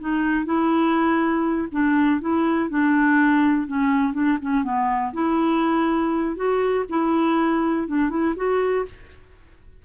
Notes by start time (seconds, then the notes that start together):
0.00 D#4
0.45 E4
1.71 D4
2.21 E4
2.69 D4
3.67 C#4
4.13 D4
4.42 C#4
4.64 B3
5.13 E4
6.36 F#4
6.89 E4
7.87 D4
8.10 E4
8.36 F#4